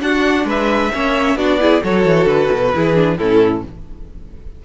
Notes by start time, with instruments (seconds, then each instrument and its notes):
0.00 viola D4, cello D4, violin F#4 F#5
0.44 cello G#3, violin B4 E5
0.93 cello A#3, viola C#4, violin C#5
1.36 cello B3, viola D4, violin F#4 D5
1.60 viola E4, violin G#4
1.82 cello F#3, viola F#4, violin A4 C#5
2.05 cello E3
2.25 cello D3, violin B4
2.52 cello B2
2.74 cello E3, viola E4, violin G#4
2.94 viola D4
3.17 cello A2, viola C#4, violin E4 A4